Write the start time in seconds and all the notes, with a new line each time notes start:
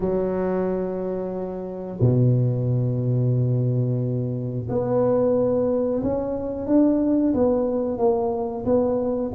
0.00 F#3
2.00 B2
4.69 B3
6.02 C#4
6.66 D4
7.33 B3
7.98 A#3
8.65 B3